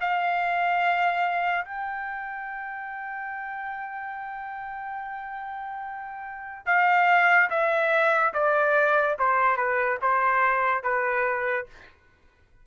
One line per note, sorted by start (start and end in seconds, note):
0.00 1.64 F5
1.64 6.64 G5
6.66 7.49 F5
7.50 8.33 E5
8.33 9.17 D5
9.19 9.56 C5
9.56 9.98 B4
10.02 10.83 C5
10.83 11.66 B4